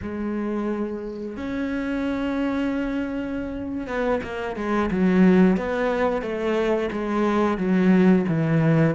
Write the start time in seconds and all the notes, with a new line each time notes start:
0.02 G#3
1.37 C#4
3.87 B3
4.23 A#3
4.56 G#3
4.90 F#3
5.56 B3
6.22 A3
6.92 G#3
7.57 F#3
8.28 E3